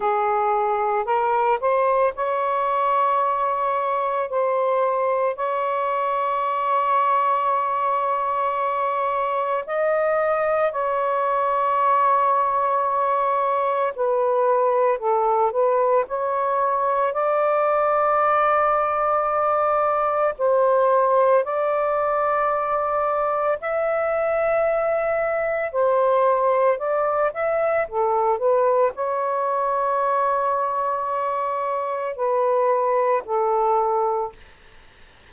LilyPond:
\new Staff \with { instrumentName = "saxophone" } { \time 4/4 \tempo 4 = 56 gis'4 ais'8 c''8 cis''2 | c''4 cis''2.~ | cis''4 dis''4 cis''2~ | cis''4 b'4 a'8 b'8 cis''4 |
d''2. c''4 | d''2 e''2 | c''4 d''8 e''8 a'8 b'8 cis''4~ | cis''2 b'4 a'4 | }